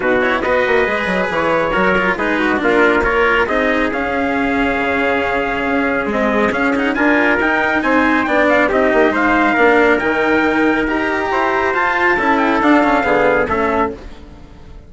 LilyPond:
<<
  \new Staff \with { instrumentName = "trumpet" } { \time 4/4 \tempo 4 = 138 b'8 cis''8 dis''2 cis''4~ | cis''4 b'4 ais'4 cis''4 | dis''4 f''2.~ | f''2 dis''4 f''8 fis''8 |
gis''4 g''4 gis''4 g''8 f''8 | dis''4 f''2 g''4~ | g''4 ais''2 a''4~ | a''8 g''8 f''2 e''4 | }
  \new Staff \with { instrumentName = "trumpet" } { \time 4/4 fis'4 b'2. | ais'4 gis'8 fis'8 f'4 ais'4 | gis'1~ | gis'1 |
ais'2 c''4 d''4 | g'4 c''4 ais'2~ | ais'2 c''2 | a'2 gis'4 a'4 | }
  \new Staff \with { instrumentName = "cello" } { \time 4/4 dis'8 e'8 fis'4 gis'2 | fis'8 f'8 dis'4 d'4 f'4 | dis'4 cis'2.~ | cis'2 gis4 cis'8 dis'8 |
f'4 dis'2 d'4 | dis'2 d'4 dis'4~ | dis'4 g'2 f'4 | e'4 d'8 cis'8 b4 cis'4 | }
  \new Staff \with { instrumentName = "bassoon" } { \time 4/4 b,4 b8 ais8 gis8 fis8 e4 | fis4 gis4 ais2 | c'4 cis'2 cis4~ | cis4 cis'4 c'4 cis'4 |
d'4 dis'4 c'4 b4 | c'8 ais8 gis4 ais4 dis4~ | dis4 dis'4 e'4 f'4 | cis'4 d'4 d4 a4 | }
>>